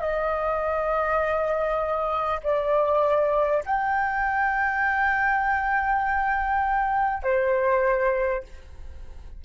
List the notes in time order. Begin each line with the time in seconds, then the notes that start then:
0.00 D#5
2.43 D5
3.65 G5
7.23 C5